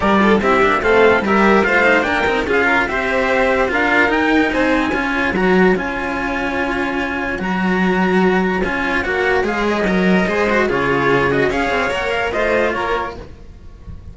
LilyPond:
<<
  \new Staff \with { instrumentName = "trumpet" } { \time 4/4 \tempo 4 = 146 d''4 e''4 f''4 e''4 | f''4 g''4 f''4 e''4~ | e''4 f''4 g''4 gis''4~ | gis''4 ais''4 gis''2~ |
gis''2 ais''2~ | ais''4 gis''4 fis''4 f''8 dis''8~ | dis''2 cis''4. dis''8 | f''4 fis''8 f''8 dis''4 cis''4 | }
  \new Staff \with { instrumentName = "violin" } { \time 4/4 ais'8 a'8 g'4 a'4 ais'4 | c''4 ais'4 gis'8 ais'8 c''4~ | c''4 ais'2 c''4 | cis''1~ |
cis''1~ | cis''1~ | cis''4 c''4 gis'2 | cis''2 c''4 ais'4 | }
  \new Staff \with { instrumentName = "cello" } { \time 4/4 g'8 f'8 e'8 d'8 c'4 g'4 | f'8 dis'8 d'8 dis'8 f'4 g'4~ | g'4 f'4 dis'2 | f'4 fis'4 f'2~ |
f'2 fis'2~ | fis'4 f'4 fis'4 gis'4 | ais'4 gis'8 fis'8 f'4. fis'8 | gis'4 ais'4 f'2 | }
  \new Staff \with { instrumentName = "cello" } { \time 4/4 g4 c'8 ais8 a4 g4 | a4 ais8 c'8 cis'4 c'4~ | c'4 d'4 dis'4 c'4 | cis'4 fis4 cis'2~ |
cis'2 fis2~ | fis4 cis'4 ais4 gis4 | fis4 gis4 cis2 | cis'8 c'8 ais4 a4 ais4 | }
>>